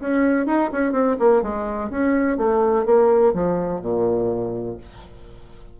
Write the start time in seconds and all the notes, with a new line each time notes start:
0.00 C#4
0.46 D#4
0.72 C#4
0.92 C4
1.19 A#3
1.42 G#3
1.89 C#4
2.37 A3
2.85 A#3
3.33 F3
3.81 A#2